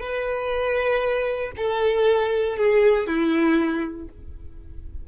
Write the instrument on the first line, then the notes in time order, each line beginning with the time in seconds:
violin
0.00 B4
1.56 A4
2.56 G#4
3.06 E4